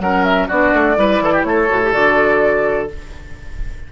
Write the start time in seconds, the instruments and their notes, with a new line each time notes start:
0.00 bassoon F#3, clarinet C#4, oboe A#4, flute F#5
0.24 flute E5
0.48 bassoon B3, clarinet D4, oboe F#4, flute D5
0.73 bassoon A3
0.96 bassoon G3, clarinet E4, oboe B4
1.20 bassoon E3, oboe A4
1.33 oboe G4
1.43 bassoon A3, oboe A4, flute C#5
1.69 bassoon A2, clarinet F#4
1.83 clarinet G4
1.92 bassoon D3, clarinet F#4, flute D5